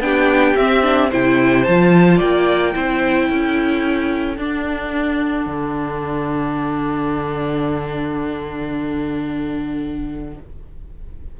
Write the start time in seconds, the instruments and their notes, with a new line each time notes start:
0.00 cello B3, viola D4, violin G4 G5
0.56 cello C4, viola C4, violin E5
0.83 viola D4
1.10 cello C3, viola E4, violin C5 G5
1.64 cello F3, viola F4, violin A5
2.17 cello A#3, violin D5 G5
2.73 cello C4, viola E4, violin C5
3.30 cello C#4, violin A4
4.37 cello D4, viola D4, violin F#5
5.46 cello D3